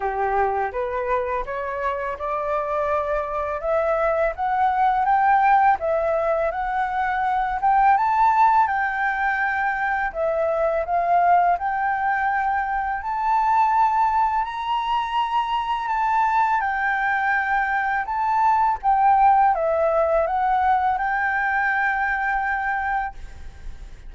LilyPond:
\new Staff \with { instrumentName = "flute" } { \time 4/4 \tempo 4 = 83 g'4 b'4 cis''4 d''4~ | d''4 e''4 fis''4 g''4 | e''4 fis''4. g''8 a''4 | g''2 e''4 f''4 |
g''2 a''2 | ais''2 a''4 g''4~ | g''4 a''4 g''4 e''4 | fis''4 g''2. | }